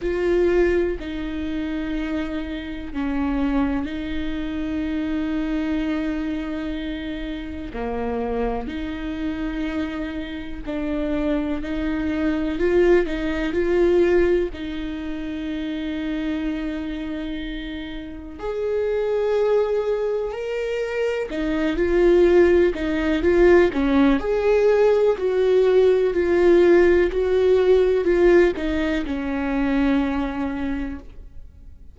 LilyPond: \new Staff \with { instrumentName = "viola" } { \time 4/4 \tempo 4 = 62 f'4 dis'2 cis'4 | dis'1 | ais4 dis'2 d'4 | dis'4 f'8 dis'8 f'4 dis'4~ |
dis'2. gis'4~ | gis'4 ais'4 dis'8 f'4 dis'8 | f'8 cis'8 gis'4 fis'4 f'4 | fis'4 f'8 dis'8 cis'2 | }